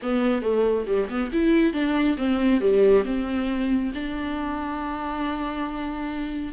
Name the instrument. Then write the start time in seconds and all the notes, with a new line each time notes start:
viola
0.02 B3
0.42 A3
0.87 G3
1.09 B3
1.32 E4
1.73 D4
2.17 C4
2.60 G3
3.05 C4
3.94 D4